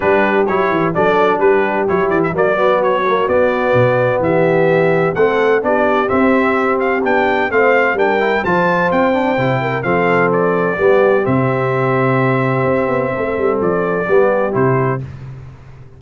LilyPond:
<<
  \new Staff \with { instrumentName = "trumpet" } { \time 4/4 \tempo 4 = 128 b'4 cis''4 d''4 b'4 | cis''8 d''16 e''16 d''4 cis''4 d''4~ | d''4 e''2 fis''4 | d''4 e''4. f''8 g''4 |
f''4 g''4 a''4 g''4~ | g''4 f''4 d''2 | e''1~ | e''4 d''2 c''4 | }
  \new Staff \with { instrumentName = "horn" } { \time 4/4 g'2 a'4 g'4~ | g'4 fis'2.~ | fis'4 g'2 a'4 | g'1 |
c''4 ais'4 c''2~ | c''8 ais'8 a'2 g'4~ | g'1 | a'2 g'2 | }
  \new Staff \with { instrumentName = "trombone" } { \time 4/4 d'4 e'4 d'2 | e'4 ais8 b4 ais8 b4~ | b2. c'4 | d'4 c'2 d'4 |
c'4 d'8 e'8 f'4. d'8 | e'4 c'2 b4 | c'1~ | c'2 b4 e'4 | }
  \new Staff \with { instrumentName = "tuba" } { \time 4/4 g4 fis8 e8 fis4 g4 | fis8 e8 fis2 b4 | b,4 e2 a4 | b4 c'2 b4 |
a4 g4 f4 c'4 | c4 f2 g4 | c2. c'8 b8 | a8 g8 f4 g4 c4 | }
>>